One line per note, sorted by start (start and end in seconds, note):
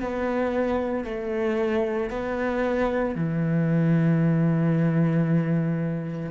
0.00 1.04 B3
1.04 2.10 A3
2.10 3.15 B3
3.15 6.31 E3